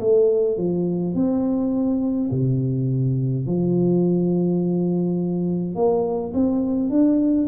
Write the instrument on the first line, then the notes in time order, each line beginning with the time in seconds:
tuba
0.00 A3
0.57 F3
1.14 C4
2.31 C3
3.46 F3
5.75 A#3
6.34 C4
6.90 D4